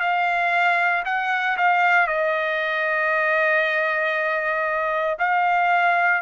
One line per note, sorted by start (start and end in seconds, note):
0.00 1.03 F5
1.05 1.57 F#5
1.58 2.07 F5
2.07 5.18 D#5
5.19 6.22 F5